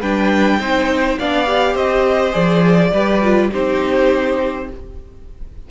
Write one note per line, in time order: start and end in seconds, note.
0.00 0.59 G3
0.00 0.60 D4
0.00 0.58 B4
0.00 1.18 G5
0.59 1.17 C4
0.59 1.18 D#4
0.59 1.18 C5
1.18 1.75 B3
1.18 1.46 D4
1.18 1.74 D5
1.18 1.76 F5
1.46 2.31 G4
1.74 2.33 C4
1.74 2.90 C5
1.74 2.33 D#5
2.31 2.91 F3
2.31 2.90 G#4
2.31 3.49 D5
2.91 3.50 G3
2.91 3.22 G4
2.91 3.50 B4
3.22 3.51 F4
3.52 4.70 C4
3.52 4.69 D#4
3.52 4.68 G4
3.52 4.69 C5